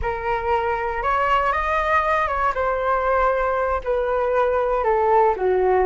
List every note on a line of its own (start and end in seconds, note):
0.01 1.02 A#4
1.02 1.52 C#5
1.52 2.27 D#5
2.27 2.53 C#5
2.54 3.81 C5
3.84 4.84 B4
4.84 5.34 A4
5.36 5.86 F#4